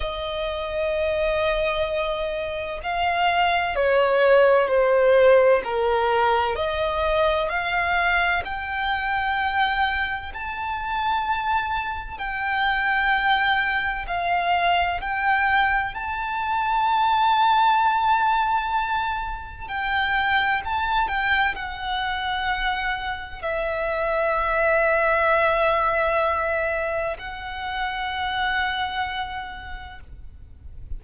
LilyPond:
\new Staff \with { instrumentName = "violin" } { \time 4/4 \tempo 4 = 64 dis''2. f''4 | cis''4 c''4 ais'4 dis''4 | f''4 g''2 a''4~ | a''4 g''2 f''4 |
g''4 a''2.~ | a''4 g''4 a''8 g''8 fis''4~ | fis''4 e''2.~ | e''4 fis''2. | }